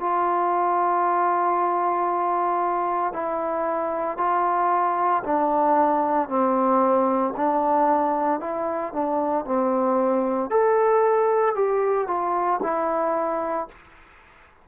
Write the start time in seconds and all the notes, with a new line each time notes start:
0.00 F4
3.13 E4
4.18 F4
5.23 D4
6.29 C4
7.37 D4
8.41 E4
8.93 D4
9.45 C4
10.50 A4
11.55 G4
12.08 F4
12.63 E4